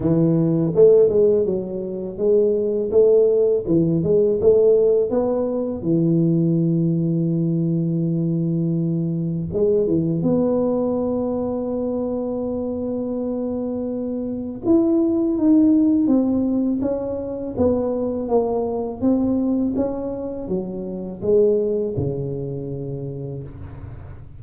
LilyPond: \new Staff \with { instrumentName = "tuba" } { \time 4/4 \tempo 4 = 82 e4 a8 gis8 fis4 gis4 | a4 e8 gis8 a4 b4 | e1~ | e4 gis8 e8 b2~ |
b1 | e'4 dis'4 c'4 cis'4 | b4 ais4 c'4 cis'4 | fis4 gis4 cis2 | }